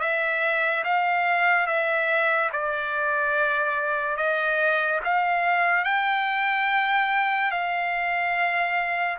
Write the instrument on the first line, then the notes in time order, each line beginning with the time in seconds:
trumpet
0.00 E5
0.84 F5
1.66 E5
2.52 D5
4.17 D#5
5.04 F5
5.84 G5
7.51 F5